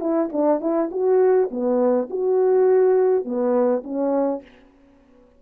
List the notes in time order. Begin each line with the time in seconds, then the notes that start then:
0.00 E4
0.32 D4
0.60 E4
0.91 F#4
1.50 B3
2.09 F#4
3.24 B3
3.83 C#4